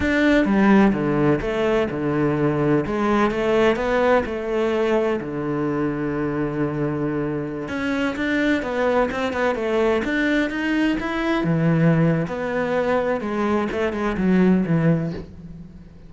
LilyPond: \new Staff \with { instrumentName = "cello" } { \time 4/4 \tempo 4 = 127 d'4 g4 d4 a4 | d2 gis4 a4 | b4 a2 d4~ | d1~ |
d16 cis'4 d'4 b4 c'8 b16~ | b16 a4 d'4 dis'4 e'8.~ | e'16 e4.~ e16 b2 | gis4 a8 gis8 fis4 e4 | }